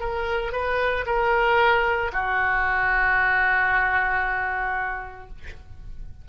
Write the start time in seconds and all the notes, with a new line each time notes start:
0.00 A#4
0.53 B4
1.07 A#4
2.13 F#4